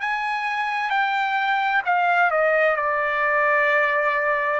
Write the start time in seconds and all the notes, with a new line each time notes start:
0.00 G#5
0.90 G5
1.85 F5
2.30 D#5
2.76 D5